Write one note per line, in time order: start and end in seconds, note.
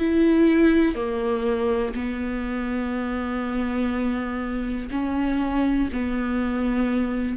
0.00 0.96 E4
0.96 1.94 A#3
1.95 4.90 B3
4.91 5.90 C#4
5.93 7.38 B3